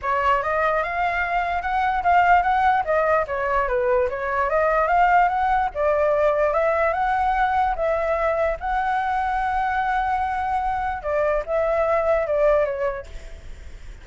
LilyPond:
\new Staff \with { instrumentName = "flute" } { \time 4/4 \tempo 4 = 147 cis''4 dis''4 f''2 | fis''4 f''4 fis''4 dis''4 | cis''4 b'4 cis''4 dis''4 | f''4 fis''4 d''2 |
e''4 fis''2 e''4~ | e''4 fis''2.~ | fis''2. d''4 | e''2 d''4 cis''4 | }